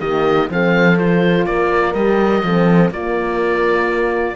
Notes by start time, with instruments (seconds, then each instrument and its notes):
0.00 cello D#3, horn A#3 G4, oboe D#5
0.49 cello F3, horn C4 A4, oboe F5
0.97 horn F4, oboe C5
1.45 cello A#3, horn A#4, oboe D5
1.94 cello G3, horn G4, oboe D#5
2.43 cello F3, horn C4 A4
2.90 cello A#3, horn A#3 F4, oboe D5